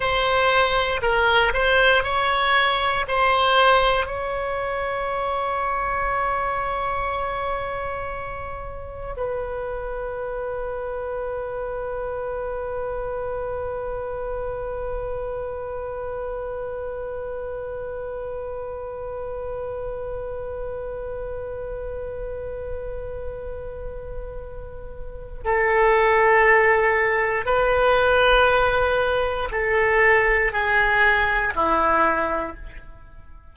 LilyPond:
\new Staff \with { instrumentName = "oboe" } { \time 4/4 \tempo 4 = 59 c''4 ais'8 c''8 cis''4 c''4 | cis''1~ | cis''4 b'2.~ | b'1~ |
b'1~ | b'1~ | b'4 a'2 b'4~ | b'4 a'4 gis'4 e'4 | }